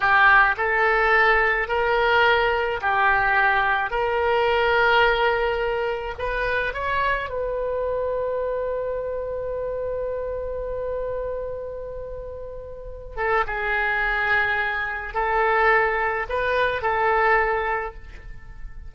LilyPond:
\new Staff \with { instrumentName = "oboe" } { \time 4/4 \tempo 4 = 107 g'4 a'2 ais'4~ | ais'4 g'2 ais'4~ | ais'2. b'4 | cis''4 b'2.~ |
b'1~ | b'2.~ b'8 a'8 | gis'2. a'4~ | a'4 b'4 a'2 | }